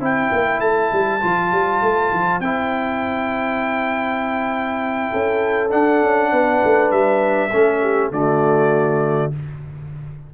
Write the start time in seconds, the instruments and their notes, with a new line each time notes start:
0.00 tuba C4, trombone E4, horn C5, trumpet G5
0.32 tuba A#3
0.60 tuba A3, trumpet A5
0.92 tuba G3
1.21 tuba F3, trombone F4
1.52 tuba G3
1.82 tuba A3
2.12 tuba F3
2.40 tuba C4, trombone E4, trumpet G5
5.10 tuba C#4, horn A4
5.70 trombone D4, tuba D4, trumpet F#5
6.03 tuba C#4
6.32 tuba B3, horn B4
6.64 tuba A3
6.91 tuba G3, trumpet E5
7.50 tuba A3, trombone C#4, horn A4
7.82 horn G4
8.11 tuba D3, trombone A3, horn F#4, trumpet D5